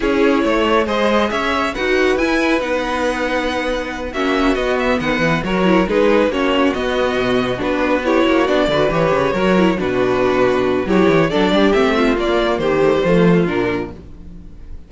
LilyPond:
<<
  \new Staff \with { instrumentName = "violin" } { \time 4/4 \tempo 4 = 138 cis''2 dis''4 e''4 | fis''4 gis''4 fis''2~ | fis''4. e''4 dis''8 e''8 fis''8~ | fis''8 cis''4 b'4 cis''4 dis''8~ |
dis''4. b'4 cis''4 d''8~ | d''8 cis''2 b'4.~ | b'4 cis''4 d''4 e''4 | d''4 c''2 ais'4 | }
  \new Staff \with { instrumentName = "violin" } { \time 4/4 gis'4 cis''4 c''4 cis''4 | b'1~ | b'4. fis'2 b'8~ | b'8 ais'4 gis'4 fis'4.~ |
fis'2~ fis'8 g'8 fis'4 | b'4. ais'4 fis'4.~ | fis'4 g'4 a'8 g'4 f'8~ | f'4 g'4 f'2 | }
  \new Staff \with { instrumentName = "viola" } { \time 4/4 e'2 gis'2 | fis'4 e'4 dis'2~ | dis'4. cis'4 b4.~ | b8 fis'8 e'8 dis'4 cis'4 b8~ |
b4. d'4 e'4 d'8 | fis'8 g'4 fis'8 e'8 d'4.~ | d'4 e'4 d'4 c'4 | ais4. a16 g16 a4 d'4 | }
  \new Staff \with { instrumentName = "cello" } { \time 4/4 cis'4 a4 gis4 cis'4 | dis'4 e'4 b2~ | b4. ais4 b4 dis8 | e8 fis4 gis4 ais4 b8~ |
b8 b,4 b4. ais8 b8 | d8 e8 cis8 fis4 b,4.~ | b,4 fis8 e8 fis8 g8 a4 | ais4 dis4 f4 ais,4 | }
>>